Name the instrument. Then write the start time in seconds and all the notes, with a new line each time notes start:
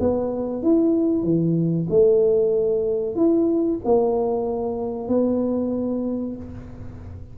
tuba
0.00 B3
0.63 E4
1.23 E3
1.90 A3
3.16 E4
3.85 A#3
5.09 B3